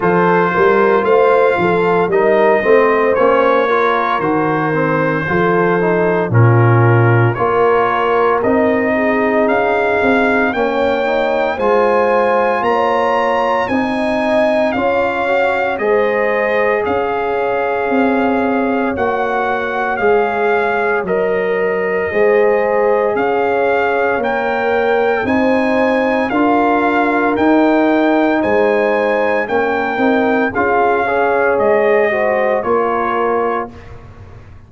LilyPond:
<<
  \new Staff \with { instrumentName = "trumpet" } { \time 4/4 \tempo 4 = 57 c''4 f''4 dis''4 cis''4 | c''2 ais'4 cis''4 | dis''4 f''4 g''4 gis''4 | ais''4 gis''4 f''4 dis''4 |
f''2 fis''4 f''4 | dis''2 f''4 g''4 | gis''4 f''4 g''4 gis''4 | g''4 f''4 dis''4 cis''4 | }
  \new Staff \with { instrumentName = "horn" } { \time 4/4 a'8 ais'8 c''8 a'8 ais'8 c''4 ais'8~ | ais'4 a'4 f'4 ais'4~ | ais'8 gis'4. cis''4 c''4 | cis''4 dis''4 cis''4 c''4 |
cis''1~ | cis''4 c''4 cis''2 | c''4 ais'2 c''4 | ais'4 gis'8 cis''4 c''8 ais'4 | }
  \new Staff \with { instrumentName = "trombone" } { \time 4/4 f'2 dis'8 c'8 cis'8 f'8 | fis'8 c'8 f'8 dis'8 cis'4 f'4 | dis'2 cis'8 dis'8 f'4~ | f'4 dis'4 f'8 fis'8 gis'4~ |
gis'2 fis'4 gis'4 | ais'4 gis'2 ais'4 | dis'4 f'4 dis'2 | cis'8 dis'8 f'8 gis'4 fis'8 f'4 | }
  \new Staff \with { instrumentName = "tuba" } { \time 4/4 f8 g8 a8 f8 g8 a8 ais4 | dis4 f4 ais,4 ais4 | c'4 cis'8 c'8 ais4 gis4 | ais4 c'4 cis'4 gis4 |
cis'4 c'4 ais4 gis4 | fis4 gis4 cis'4 ais4 | c'4 d'4 dis'4 gis4 | ais8 c'8 cis'4 gis4 ais4 | }
>>